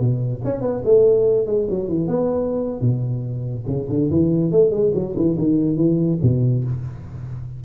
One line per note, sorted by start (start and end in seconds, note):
0.00 0.42 B2
0.45 0.61 C#4
0.61 0.82 B3
0.85 1.47 A3
1.47 1.68 G#3
1.70 1.88 F#3
1.88 2.08 E3
2.08 2.81 B3
2.81 3.65 B2
3.67 3.88 C#3
3.89 4.10 D3
4.10 4.52 E3
4.52 4.71 A3
4.71 4.92 G#3
4.94 5.15 F#3
5.16 5.37 E3
5.39 5.77 D#3
5.77 6.18 E3
6.23 6.64 B2